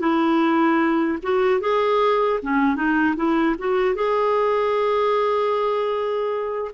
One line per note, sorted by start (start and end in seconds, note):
0.00 1.18 E4
1.23 1.61 F#4
1.61 2.40 G#4
2.43 2.76 C#4
2.76 3.15 D#4
3.16 3.56 E4
3.59 3.95 F#4
3.95 6.71 G#4